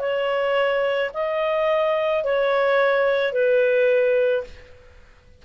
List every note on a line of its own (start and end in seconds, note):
0.00 1.11 C#5
1.14 2.24 D#5
2.24 3.33 C#5
3.33 4.44 B4